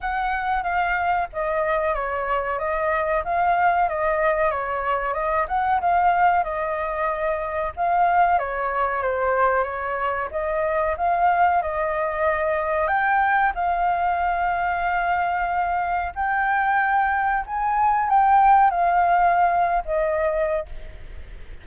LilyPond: \new Staff \with { instrumentName = "flute" } { \time 4/4 \tempo 4 = 93 fis''4 f''4 dis''4 cis''4 | dis''4 f''4 dis''4 cis''4 | dis''8 fis''8 f''4 dis''2 | f''4 cis''4 c''4 cis''4 |
dis''4 f''4 dis''2 | g''4 f''2.~ | f''4 g''2 gis''4 | g''4 f''4.~ f''16 dis''4~ dis''16 | }